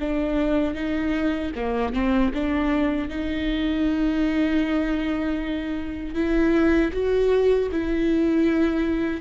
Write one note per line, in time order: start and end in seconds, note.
0.00 0.75 D4
0.75 1.52 D#4
1.56 1.93 A#3
1.93 2.32 C4
2.34 3.09 D4
3.09 6.14 D#4
6.14 6.91 E4
6.93 7.70 F#4
7.71 9.21 E4